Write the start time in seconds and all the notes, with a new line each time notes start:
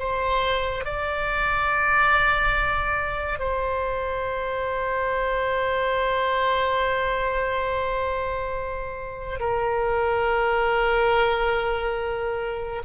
0.00 C5
0.85 D5
3.40 C5
9.40 A#4